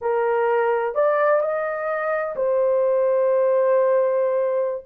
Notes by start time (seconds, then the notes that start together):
0.01 A#4
0.94 D5
1.41 D#5
2.36 C5